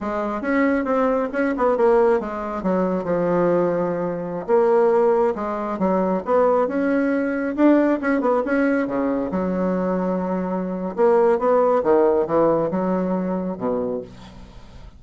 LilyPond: \new Staff \with { instrumentName = "bassoon" } { \time 4/4 \tempo 4 = 137 gis4 cis'4 c'4 cis'8 b8 | ais4 gis4 fis4 f4~ | f2~ f16 ais4.~ ais16~ | ais16 gis4 fis4 b4 cis'8.~ |
cis'4~ cis'16 d'4 cis'8 b8 cis'8.~ | cis'16 cis4 fis2~ fis8.~ | fis4 ais4 b4 dis4 | e4 fis2 b,4 | }